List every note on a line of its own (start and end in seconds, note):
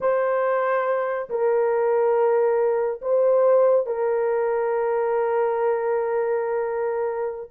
0.00 1.29 C5
1.29 3.01 A#4
3.01 3.86 C5
3.86 7.50 A#4